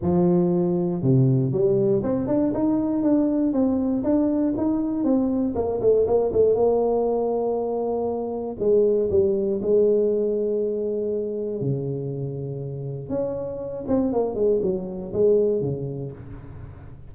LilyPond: \new Staff \with { instrumentName = "tuba" } { \time 4/4 \tempo 4 = 119 f2 c4 g4 | c'8 d'8 dis'4 d'4 c'4 | d'4 dis'4 c'4 ais8 a8 | ais8 a8 ais2.~ |
ais4 gis4 g4 gis4~ | gis2. cis4~ | cis2 cis'4. c'8 | ais8 gis8 fis4 gis4 cis4 | }